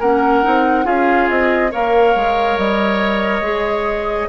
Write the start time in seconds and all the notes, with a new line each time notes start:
0.00 A#3 C#4 A#4 F#5
0.43 C4 D#4
0.84 C#4 F4 G#4 F5
1.30 C4 D#5
1.72 A#3 A#4 C#5 F5
2.16 G#3
2.58 G3 D#5
3.41 G#3 G#4